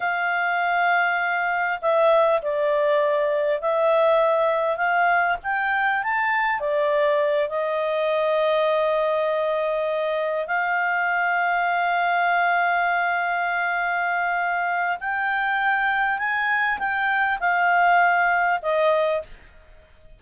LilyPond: \new Staff \with { instrumentName = "clarinet" } { \time 4/4 \tempo 4 = 100 f''2. e''4 | d''2 e''2 | f''4 g''4 a''4 d''4~ | d''8 dis''2.~ dis''8~ |
dis''4. f''2~ f''8~ | f''1~ | f''4 g''2 gis''4 | g''4 f''2 dis''4 | }